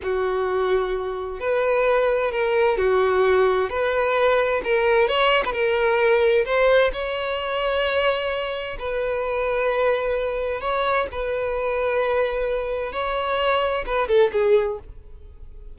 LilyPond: \new Staff \with { instrumentName = "violin" } { \time 4/4 \tempo 4 = 130 fis'2. b'4~ | b'4 ais'4 fis'2 | b'2 ais'4 cis''8. b'16 | ais'2 c''4 cis''4~ |
cis''2. b'4~ | b'2. cis''4 | b'1 | cis''2 b'8 a'8 gis'4 | }